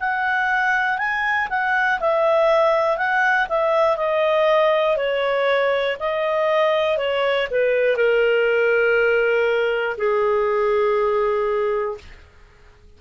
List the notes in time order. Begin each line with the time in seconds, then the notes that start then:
0.00 F#5
0.98 G#5
1.49 F#5
2.00 E5
2.97 F#5
3.48 E5
3.97 D#5
4.97 C#5
5.99 D#5
6.98 C#5
7.50 B4
7.96 A#4
9.98 G#4